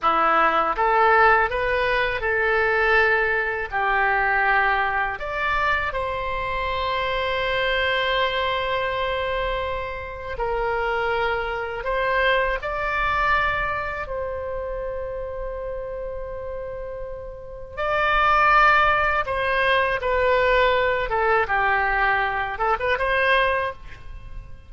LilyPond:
\new Staff \with { instrumentName = "oboe" } { \time 4/4 \tempo 4 = 81 e'4 a'4 b'4 a'4~ | a'4 g'2 d''4 | c''1~ | c''2 ais'2 |
c''4 d''2 c''4~ | c''1 | d''2 c''4 b'4~ | b'8 a'8 g'4. a'16 b'16 c''4 | }